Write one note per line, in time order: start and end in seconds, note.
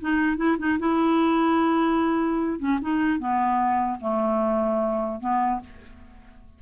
0.00 0.37 D#4
0.37 0.57 E4
0.59 0.79 D#4
0.79 2.59 E4
2.59 2.79 C#4
2.81 3.19 D#4
3.19 3.99 B3
4.00 5.20 A3
5.20 5.60 B3